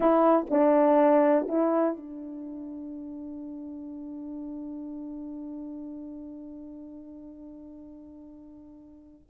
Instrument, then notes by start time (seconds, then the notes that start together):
horn
0.00 E4
0.49 D4
1.48 E4
1.96 D4